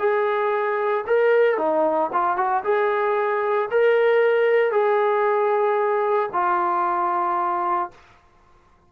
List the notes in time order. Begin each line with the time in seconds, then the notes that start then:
0.00 G#4
1.07 A#4
1.58 D#4
2.13 F4
2.38 F#4
2.64 G#4
3.72 A#4
4.72 G#4
6.33 F4